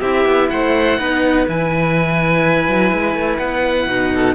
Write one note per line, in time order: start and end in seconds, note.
0.00 0.25 C4
0.00 0.98 E4
0.00 0.49 G4
0.00 0.48 E5
0.25 0.49 B3
0.49 0.99 A3
0.49 0.99 C5
0.49 1.46 F#5
0.98 1.47 B3
0.98 1.46 D#4
0.98 4.14 B4
1.47 2.67 E3
1.47 3.89 E4
1.47 3.38 G#5
2.67 2.92 F#3
2.92 3.14 G#3
3.14 3.38 A3
3.38 3.86 B3
3.38 4.34 F#5
3.86 4.34 B2
3.86 4.35 D#4
4.15 4.35 A4